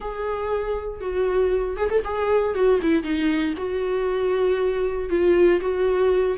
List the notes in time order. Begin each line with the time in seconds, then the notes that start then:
0.00 G#4
1.01 F#4
1.77 G#4
1.90 A4
2.04 G#4
2.54 F#4
2.82 E4
3.03 D#4
3.57 F#4
5.09 F4
5.60 F#4